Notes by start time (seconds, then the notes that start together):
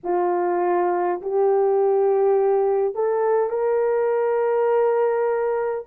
0.03 F4
1.21 G4
2.94 A4
3.49 A#4